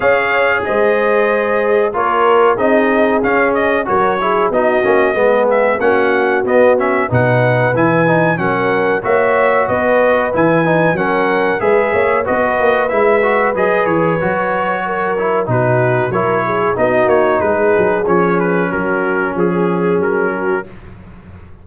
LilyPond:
<<
  \new Staff \with { instrumentName = "trumpet" } { \time 4/4 \tempo 4 = 93 f''4 dis''2 cis''4 | dis''4 f''8 dis''8 cis''4 dis''4~ | dis''8 e''8 fis''4 dis''8 e''8 fis''4 | gis''4 fis''4 e''4 dis''4 |
gis''4 fis''4 e''4 dis''4 | e''4 dis''8 cis''2~ cis''8 | b'4 cis''4 dis''8 cis''8 b'4 | cis''8 b'8 ais'4 gis'4 ais'4 | }
  \new Staff \with { instrumentName = "horn" } { \time 4/4 cis''4 c''2 ais'4 | gis'2 ais'8 gis'8 fis'4 | gis'4 fis'2 b'4~ | b'4 ais'4 cis''4 b'4~ |
b'4 ais'4 b'8 cis''8 b'4~ | b'2. ais'4 | fis'4 ais'8 gis'8 fis'4 gis'4~ | gis'4 fis'4 gis'4. fis'8 | }
  \new Staff \with { instrumentName = "trombone" } { \time 4/4 gis'2. f'4 | dis'4 cis'4 fis'8 e'8 dis'8 cis'8 | b4 cis'4 b8 cis'8 dis'4 | e'8 dis'8 cis'4 fis'2 |
e'8 dis'8 cis'4 gis'4 fis'4 | e'8 fis'8 gis'4 fis'4. e'8 | dis'4 e'4 dis'2 | cis'1 | }
  \new Staff \with { instrumentName = "tuba" } { \time 4/4 cis'4 gis2 ais4 | c'4 cis'4 fis4 b8 ais8 | gis4 ais4 b4 b,4 | e4 fis4 ais4 b4 |
e4 fis4 gis8 ais8 b8 ais8 | gis4 fis8 e8 fis2 | b,4 fis4 b8 ais8 gis8 fis8 | f4 fis4 f4 fis4 | }
>>